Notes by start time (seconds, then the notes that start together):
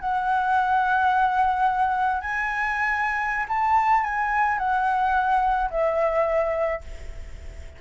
0.00 F#5
2.21 G#5
3.48 A5
4.04 G#5
4.58 F#5
5.70 E5